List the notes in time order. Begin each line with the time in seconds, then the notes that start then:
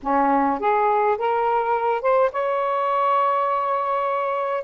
0.02 C#4
0.59 G#4
1.18 A#4
2.01 C5
2.31 C#5